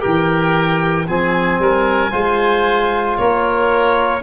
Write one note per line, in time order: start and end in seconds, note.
0.00 1.09 E3
0.00 1.05 G4
0.00 1.07 A#4
0.00 1.07 G5
1.08 1.59 F3
1.08 2.11 C4
1.08 1.61 G#4
1.08 3.18 G#5
1.59 2.12 G3
1.59 2.12 A#4
2.11 3.18 G#3
2.11 4.22 F4
2.11 3.18 C5
3.18 4.23 A#3
3.18 4.23 A#4
3.18 4.23 C#5